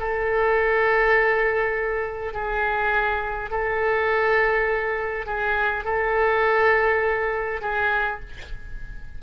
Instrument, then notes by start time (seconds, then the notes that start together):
oboe
0.00 A4
2.34 G#4
3.51 A4
5.26 G#4
5.85 A4
7.61 G#4